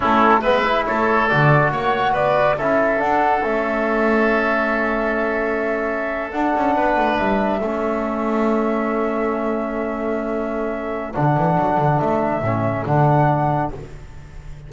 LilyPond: <<
  \new Staff \with { instrumentName = "flute" } { \time 4/4 \tempo 4 = 140 a'4 e''4 cis''4 d''4 | fis''4 d''4 e''4 fis''4 | e''1~ | e''2~ e''8. fis''4~ fis''16~ |
fis''8. e''2.~ e''16~ | e''1~ | e''2 fis''2 | e''2 fis''2 | }
  \new Staff \with { instrumentName = "oboe" } { \time 4/4 e'4 b'4 a'2 | cis''4 b'4 a'2~ | a'1~ | a'2.~ a'8. b'16~ |
b'4.~ b'16 a'2~ a'16~ | a'1~ | a'1~ | a'1 | }
  \new Staff \with { instrumentName = "trombone" } { \time 4/4 cis'4 b8 e'4. fis'4~ | fis'2 e'4 d'4 | cis'1~ | cis'2~ cis'8. d'4~ d'16~ |
d'4.~ d'16 cis'2~ cis'16~ | cis'1~ | cis'2 d'2~ | d'4 cis'4 d'2 | }
  \new Staff \with { instrumentName = "double bass" } { \time 4/4 a4 gis4 a4 d4 | ais4 b4 cis'4 d'4 | a1~ | a2~ a8. d'8 cis'8 b16~ |
b16 a8 g4 a2~ a16~ | a1~ | a2 d8 e8 fis8 d8 | a4 a,4 d2 | }
>>